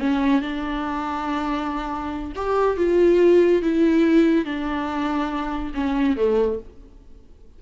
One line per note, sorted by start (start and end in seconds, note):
0.00 0.42 C#4
0.42 2.33 D4
2.36 2.78 G4
2.78 3.63 F4
3.63 4.46 E4
4.46 5.73 D4
5.75 6.17 C#4
6.17 6.60 A3